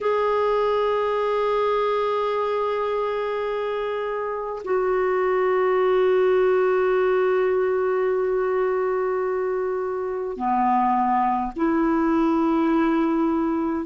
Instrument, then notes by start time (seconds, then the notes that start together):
clarinet
0.01 G#4
4.64 F#4
10.36 B3
11.55 E4